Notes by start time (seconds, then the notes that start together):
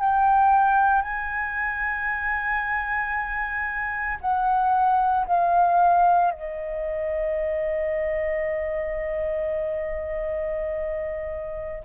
0.00 G5
1.02 G#5
4.22 F#5
5.27 F5
6.32 D#5